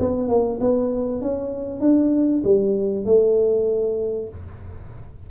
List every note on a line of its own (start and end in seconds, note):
0.00 0.29 B3
0.29 0.60 A#3
0.61 1.22 B3
1.22 1.81 C#4
1.81 2.43 D4
2.44 3.06 G3
3.06 4.29 A3